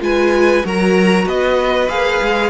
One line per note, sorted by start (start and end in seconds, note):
0.00 0.63 G#3
0.00 0.62 F4
0.00 0.65 B4
0.00 0.66 G#5
0.64 1.25 F#3
0.64 1.89 F#4
0.64 1.25 A#4
0.64 1.28 A#5
1.25 1.88 B3
1.25 2.50 B4
1.25 1.89 D#5
1.89 2.20 A#3
1.89 2.50 G#4
1.89 2.50 F5
2.21 2.50 G#3